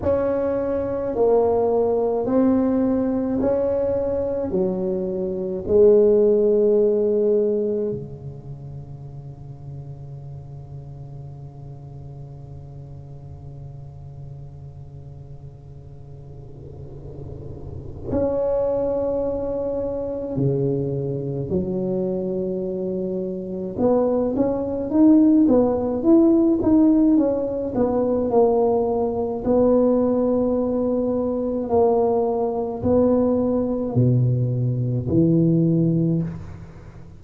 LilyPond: \new Staff \with { instrumentName = "tuba" } { \time 4/4 \tempo 4 = 53 cis'4 ais4 c'4 cis'4 | fis4 gis2 cis4~ | cis1~ | cis1 |
cis'2 cis4 fis4~ | fis4 b8 cis'8 dis'8 b8 e'8 dis'8 | cis'8 b8 ais4 b2 | ais4 b4 b,4 e4 | }